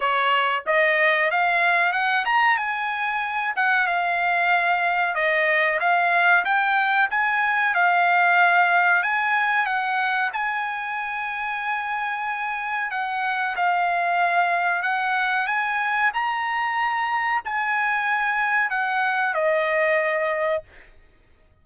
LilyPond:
\new Staff \with { instrumentName = "trumpet" } { \time 4/4 \tempo 4 = 93 cis''4 dis''4 f''4 fis''8 ais''8 | gis''4. fis''8 f''2 | dis''4 f''4 g''4 gis''4 | f''2 gis''4 fis''4 |
gis''1 | fis''4 f''2 fis''4 | gis''4 ais''2 gis''4~ | gis''4 fis''4 dis''2 | }